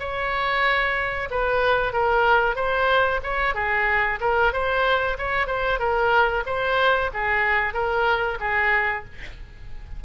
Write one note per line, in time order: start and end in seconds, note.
0.00 1.29 C#5
1.31 1.93 B4
1.93 2.56 A#4
2.56 3.21 C5
3.23 3.55 C#5
3.55 4.19 G#4
4.21 4.53 A#4
4.53 5.18 C5
5.18 5.47 C#5
5.47 5.79 C5
5.79 6.44 A#4
6.46 7.11 C5
7.14 7.74 G#4
7.74 8.38 A#4
8.40 9.05 G#4